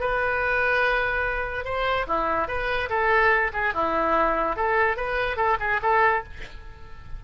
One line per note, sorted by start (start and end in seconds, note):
0.00 1.65 B4
1.65 2.06 C5
2.07 2.48 E4
2.48 2.89 B4
2.89 3.52 A4
3.53 3.74 G#4
3.74 4.56 E4
4.56 4.97 A4
4.97 5.37 B4
5.37 5.57 A4
5.60 5.81 G#4
5.82 6.24 A4